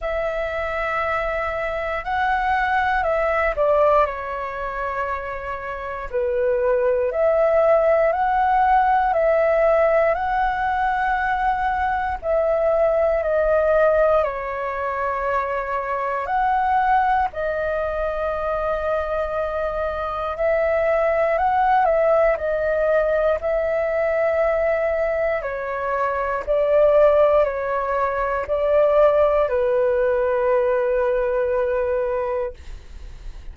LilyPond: \new Staff \with { instrumentName = "flute" } { \time 4/4 \tempo 4 = 59 e''2 fis''4 e''8 d''8 | cis''2 b'4 e''4 | fis''4 e''4 fis''2 | e''4 dis''4 cis''2 |
fis''4 dis''2. | e''4 fis''8 e''8 dis''4 e''4~ | e''4 cis''4 d''4 cis''4 | d''4 b'2. | }